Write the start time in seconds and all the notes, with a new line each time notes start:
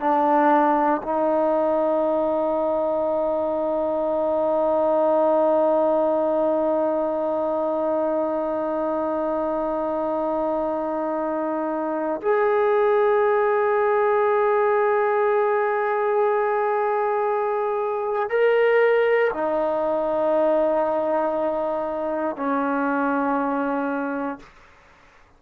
0.00 D4
1.03 D#4
12.22 G#4
18.30 A#4
19.34 D#4
22.36 C#4